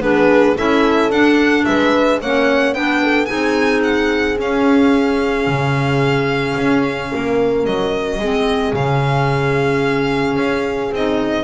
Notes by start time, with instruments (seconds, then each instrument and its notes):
0.00 double bass B3, clarinet D4, horn G#4, violin B4
0.56 double bass C#4, clarinet E4, horn A4, violin E5
1.10 double bass D4, clarinet D4, violin F#5
1.65 double bass G#3, horn B4, violin E5
2.20 double bass A#3, clarinet C#4, horn C#5, violin F#5
2.74 double bass B3, clarinet D4, horn B4, violin G5
3.02 horn A4
3.25 double bass C4, clarinet D#4, horn G#4, violin G#5
3.83 violin F#5
4.37 clarinet C#4, double bass C#4, violin F5
5.47 double bass C#3
6.58 double bass C#4
7.11 double bass A#3, horn A#4
7.65 double bass F#3, violin D#5
8.18 double bass G#3, clarinet C4, horn G#4
8.73 double bass C#3, clarinet C#4, violin F5
10.36 double bass C#4
10.91 double bass C4, clarinet D#4, violin D#5